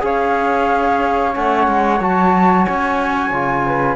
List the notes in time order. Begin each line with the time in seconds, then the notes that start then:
0.00 C#4 G#4 C#5 F5
1.33 A3 C#4 F#5
1.68 G#3
2.00 F#3 F#4 A5
2.65 C#4 G#5
3.30 C#3 F4
3.66 B4